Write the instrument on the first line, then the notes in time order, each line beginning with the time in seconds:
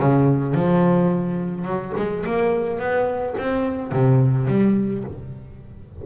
double bass
0.00 C#3
0.55 F3
1.65 F#3
1.97 G#3
2.26 A#3
2.79 B3
3.38 C4
3.92 C3
4.48 G3